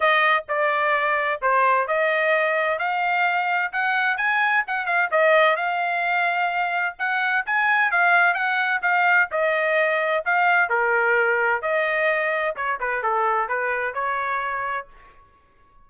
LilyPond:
\new Staff \with { instrumentName = "trumpet" } { \time 4/4 \tempo 4 = 129 dis''4 d''2 c''4 | dis''2 f''2 | fis''4 gis''4 fis''8 f''8 dis''4 | f''2. fis''4 |
gis''4 f''4 fis''4 f''4 | dis''2 f''4 ais'4~ | ais'4 dis''2 cis''8 b'8 | a'4 b'4 cis''2 | }